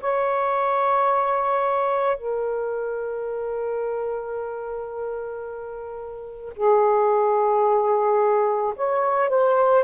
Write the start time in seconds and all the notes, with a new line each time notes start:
0.00 C#5
2.17 A#4
6.56 G#4
8.76 C#5
9.29 C5